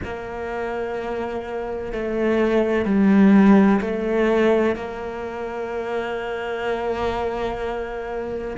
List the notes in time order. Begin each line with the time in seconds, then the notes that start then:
0.04 A#3
1.92 A3
2.85 G3
3.81 A3
4.75 A#3